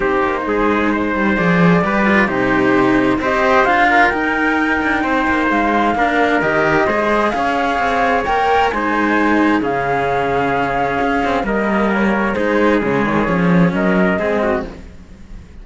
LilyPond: <<
  \new Staff \with { instrumentName = "flute" } { \time 4/4 \tempo 4 = 131 c''2. d''4~ | d''4 c''2 dis''4 | f''4 g''2. | f''2 dis''2 |
f''2 g''4 gis''4~ | gis''4 f''2.~ | f''4 dis''4 cis''4 c''4 | cis''2 dis''2 | }
  \new Staff \with { instrumentName = "trumpet" } { \time 4/4 g'4 gis'4 c''2 | b'4 g'2 c''4~ | c''8 ais'2~ ais'8 c''4~ | c''4 ais'2 c''4 |
cis''2. c''4~ | c''4 gis'2.~ | gis'4 ais'2 gis'4~ | gis'2 ais'4 gis'8 fis'8 | }
  \new Staff \with { instrumentName = "cello" } { \time 4/4 dis'2. gis'4 | g'8 f'8 dis'2 g'4 | f'4 dis'2.~ | dis'4 d'4 g'4 gis'4~ |
gis'2 ais'4 dis'4~ | dis'4 cis'2.~ | cis'8 c'8 ais2 dis'4 | gis4 cis'2 c'4 | }
  \new Staff \with { instrumentName = "cello" } { \time 4/4 c'8 ais8 gis4. g8 f4 | g4 c2 c'4 | d'4 dis'4. d'8 c'8 ais8 | gis4 ais4 dis4 gis4 |
cis'4 c'4 ais4 gis4~ | gis4 cis2. | cis'4 g2 gis4 | cis8 dis8 f4 fis4 gis4 | }
>>